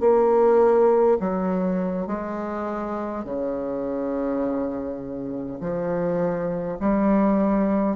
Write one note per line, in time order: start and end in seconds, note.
0.00 1.18 A#3
1.20 2.07 F#3
2.07 3.25 G#3
3.25 5.60 C#3
5.60 6.78 F3
6.80 7.96 G3